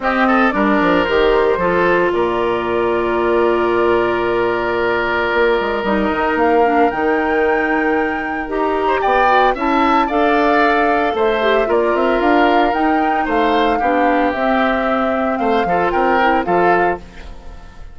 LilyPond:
<<
  \new Staff \with { instrumentName = "flute" } { \time 4/4 \tempo 4 = 113 dis''4 d''4 c''2 | d''1~ | d''2. dis''4 | f''4 g''2. |
ais''4 g''4 a''4 f''4~ | f''4 e''4 d''8 e''8 f''4 | g''4 f''2 e''4~ | e''4 f''4 g''4 f''4 | }
  \new Staff \with { instrumentName = "oboe" } { \time 4/4 g'8 a'8 ais'2 a'4 | ais'1~ | ais'1~ | ais'1~ |
ais'8. c''16 d''4 e''4 d''4~ | d''4 c''4 ais'2~ | ais'4 c''4 g'2~ | g'4 c''8 a'8 ais'4 a'4 | }
  \new Staff \with { instrumentName = "clarinet" } { \time 4/4 c'4 d'4 g'4 f'4~ | f'1~ | f'2. dis'4~ | dis'8 d'8 dis'2. |
g'4. fis'8 e'4 a'4~ | a'4. g'8 f'2 | dis'2 d'4 c'4~ | c'4. f'4 e'8 f'4 | }
  \new Staff \with { instrumentName = "bassoon" } { \time 4/4 c'4 g8 f8 dis4 f4 | ais,1~ | ais,2 ais8 gis8 g8 dis8 | ais4 dis2. |
dis'4 b4 cis'4 d'4~ | d'4 a4 ais8 c'8 d'4 | dis'4 a4 b4 c'4~ | c'4 a8 f8 c'4 f4 | }
>>